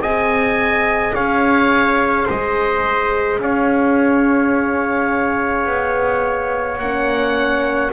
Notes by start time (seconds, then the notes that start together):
0.00 C4 G#4 D#5 G#5
1.15 C#4 C#5 F5
2.25 G#3 C5 D#5
3.39 C#4 C#5 F5
5.66 B3
6.79 A#3 C#4 F#5